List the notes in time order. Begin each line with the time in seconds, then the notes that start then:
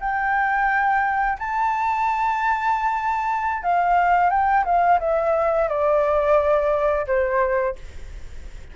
0.00 G5
1.39 A5
3.63 F5
4.30 G5
4.65 F5
4.99 E5
5.68 D5
7.07 C5